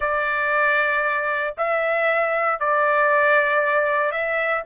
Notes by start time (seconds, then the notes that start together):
0.00 D5
1.57 E5
2.59 D5
4.11 E5